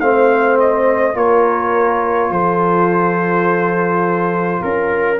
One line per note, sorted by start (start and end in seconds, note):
0.00 1.15 A3
0.00 1.14 C4
0.00 1.16 C5
0.00 0.58 F5
0.60 1.17 D#5
1.14 2.30 A#3
1.14 5.18 F4
1.14 2.32 A#4
1.14 2.32 C#5
2.30 4.61 F3
2.30 4.64 A4
2.30 4.63 C5
4.63 5.20 C#4
4.63 5.20 A#4